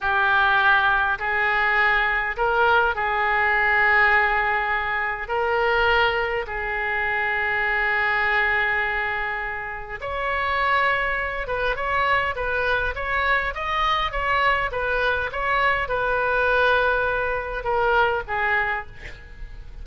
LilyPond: \new Staff \with { instrumentName = "oboe" } { \time 4/4 \tempo 4 = 102 g'2 gis'2 | ais'4 gis'2.~ | gis'4 ais'2 gis'4~ | gis'1~ |
gis'4 cis''2~ cis''8 b'8 | cis''4 b'4 cis''4 dis''4 | cis''4 b'4 cis''4 b'4~ | b'2 ais'4 gis'4 | }